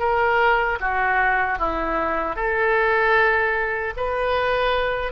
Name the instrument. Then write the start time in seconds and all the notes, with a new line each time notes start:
oboe
0.00 A#4
0.81 F#4
1.59 E4
2.36 A4
3.97 B4